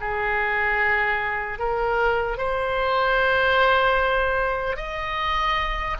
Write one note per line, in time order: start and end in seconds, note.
0.00 1.59 G#4
1.59 2.37 A#4
2.37 4.76 C5
4.76 5.96 D#5